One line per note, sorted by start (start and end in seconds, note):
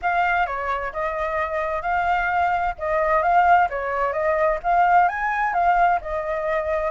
0.02 0.46 F5
0.46 0.92 C#5
0.93 1.82 D#5
1.82 2.74 F5
2.78 3.22 D#5
3.22 3.68 F5
3.69 4.12 C#5
4.12 4.58 D#5
4.63 5.08 F5
5.08 5.53 G#5
5.53 5.99 F5
6.01 6.91 D#5